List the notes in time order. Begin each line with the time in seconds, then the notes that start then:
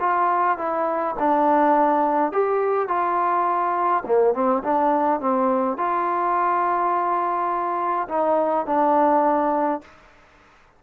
0.00 F4
0.58 E4
1.19 D4
2.32 G4
2.88 F4
4.06 A#3
4.34 C4
4.63 D4
5.20 C4
5.77 F4
8.08 D#4
8.66 D4